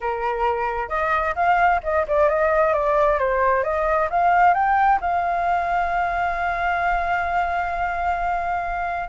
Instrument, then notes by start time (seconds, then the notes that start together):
flute
0.01 A#4
0.88 D#5
1.35 F5
1.83 D#5
2.07 D5
2.29 D#5
2.73 D5
3.19 C5
3.63 D#5
4.10 F5
4.53 G5
5.00 F5